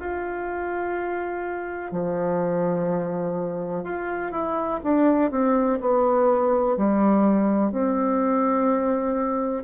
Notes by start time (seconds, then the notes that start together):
0.00 F4
1.92 F3
3.84 F4
4.32 E4
4.84 D4
5.31 C4
5.81 B3
6.77 G3
7.72 C4